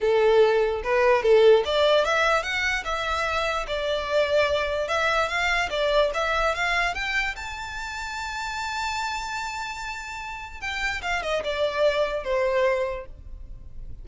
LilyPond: \new Staff \with { instrumentName = "violin" } { \time 4/4 \tempo 4 = 147 a'2 b'4 a'4 | d''4 e''4 fis''4 e''4~ | e''4 d''2. | e''4 f''4 d''4 e''4 |
f''4 g''4 a''2~ | a''1~ | a''2 g''4 f''8 dis''8 | d''2 c''2 | }